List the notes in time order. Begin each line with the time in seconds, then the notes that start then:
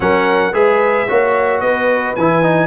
0.00 F#3 C#4 A#4 F#5
0.52 G#3 G#4 B4 E5
1.08 A#3 F#4 C#5
1.60 B3 B4 D#5
2.15 E3 E4 G#5
2.43 D#4